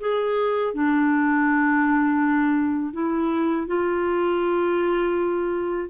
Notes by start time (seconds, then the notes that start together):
0.00 G#4
0.74 D4
2.93 E4
3.67 F4